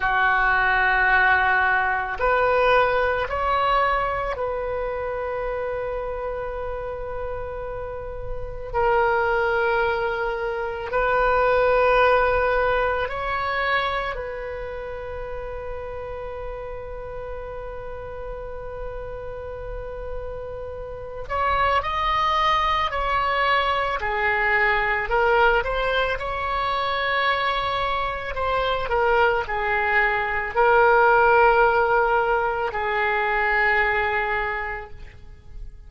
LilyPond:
\new Staff \with { instrumentName = "oboe" } { \time 4/4 \tempo 4 = 55 fis'2 b'4 cis''4 | b'1 | ais'2 b'2 | cis''4 b'2.~ |
b'2.~ b'8 cis''8 | dis''4 cis''4 gis'4 ais'8 c''8 | cis''2 c''8 ais'8 gis'4 | ais'2 gis'2 | }